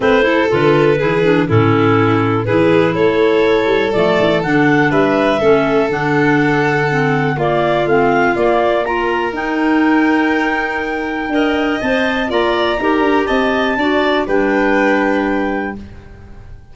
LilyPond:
<<
  \new Staff \with { instrumentName = "clarinet" } { \time 4/4 \tempo 4 = 122 c''4 b'2 a'4~ | a'4 b'4 cis''2 | d''4 fis''4 e''2 | fis''2. d''4 |
f''4 d''4 ais''4 g''4~ | g''1 | a''4 ais''2 a''4~ | a''4 g''2. | }
  \new Staff \with { instrumentName = "violin" } { \time 4/4 b'8 a'4. gis'4 e'4~ | e'4 gis'4 a'2~ | a'2 b'4 a'4~ | a'2. f'4~ |
f'2 ais'2~ | ais'2. dis''4~ | dis''4 d''4 ais'4 dis''4 | d''4 b'2. | }
  \new Staff \with { instrumentName = "clarinet" } { \time 4/4 c'8 e'8 f'4 e'8 d'8 cis'4~ | cis'4 e'2. | a4 d'2 cis'4 | d'2 c'4 ais4 |
c'4 ais4 f'4 dis'4~ | dis'2. ais'4 | c''4 f'4 g'2 | fis'4 d'2. | }
  \new Staff \with { instrumentName = "tuba" } { \time 4/4 a4 d4 e4 a,4~ | a,4 e4 a4. g8 | f8 e8 d4 g4 a4 | d2. ais4 |
a4 ais2 dis'4~ | dis'2. d'4 | c'4 ais4 dis'8 d'8 c'4 | d'4 g2. | }
>>